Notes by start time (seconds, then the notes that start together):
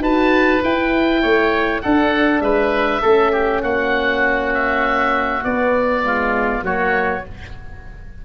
0.00 D#4 F#4 B4 A5
0.63 E4 G5
1.22 A3 C#5
1.81 D4 A4 F#5
2.40 G#3 B4 E5
3.01 A3 C#4 A4
3.32 G4
3.62 A#3 F#4 F#5
4.54 E5
5.42 B3 D5
6.04 G#3 F4
6.62 F#3 A#3 F#4 C#5